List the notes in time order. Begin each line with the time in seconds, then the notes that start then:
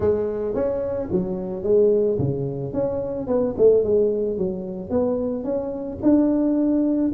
0.00 G#3
0.54 C#4
1.11 F#3
1.63 G#3
2.18 C#3
2.73 C#4
3.27 B3
3.57 A3
3.83 G#3
4.37 F#3
4.90 B3
5.43 C#4
6.02 D4